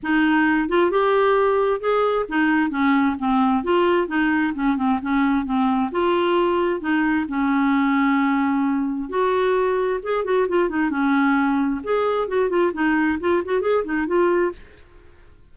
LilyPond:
\new Staff \with { instrumentName = "clarinet" } { \time 4/4 \tempo 4 = 132 dis'4. f'8 g'2 | gis'4 dis'4 cis'4 c'4 | f'4 dis'4 cis'8 c'8 cis'4 | c'4 f'2 dis'4 |
cis'1 | fis'2 gis'8 fis'8 f'8 dis'8 | cis'2 gis'4 fis'8 f'8 | dis'4 f'8 fis'8 gis'8 dis'8 f'4 | }